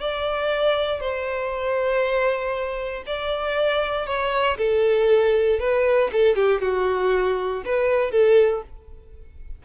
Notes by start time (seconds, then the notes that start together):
0.00 D5
1.00 C5
3.06 D5
4.06 C#5
4.58 A4
5.59 B4
6.12 A4
6.36 G4
6.61 F#4
7.65 B4
8.11 A4